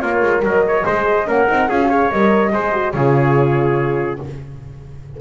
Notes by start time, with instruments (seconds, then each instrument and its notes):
0.00 double bass A#3, trumpet F4, horn A#4, flute C#5
0.22 double bass G#3
0.42 double bass F#3, trumpet A#4, flute D#5
0.67 trumpet C#5
0.85 double bass G#3, horn G#4, trumpet C5
1.26 double bass A#3, horn C#4, trumpet A#4, flute F#5
1.48 double bass C4, horn D#4
1.69 double bass C#4, horn F4, trumpet G#4, flute F5
1.80 horn F#4
1.89 horn G#4, trumpet C#5
2.11 double bass G3, horn A#4, flute D#5
2.52 double bass G#3, horn G#4, trumpet C5
2.73 horn F#4
2.92 double bass C#3, horn F4, trumpet G#4, flute C#5